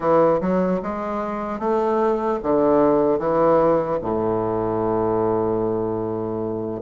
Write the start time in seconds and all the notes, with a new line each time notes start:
0.00 E3
0.40 F#3
0.82 G#3
1.59 A3
2.42 D3
3.18 E3
4.01 A2